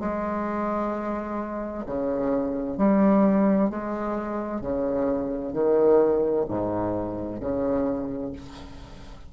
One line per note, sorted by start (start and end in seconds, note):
0.00 1.85 G#3
1.87 2.78 C#3
2.78 3.70 G3
3.70 4.62 G#3
4.62 5.53 C#3
5.53 6.46 D#3
6.49 7.41 G#2
7.41 8.33 C#3